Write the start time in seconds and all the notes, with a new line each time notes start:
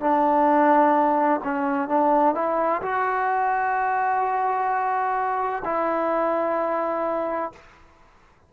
0.00 D4
1.44 C#4
1.89 D4
2.34 E4
2.82 F#4
5.65 E4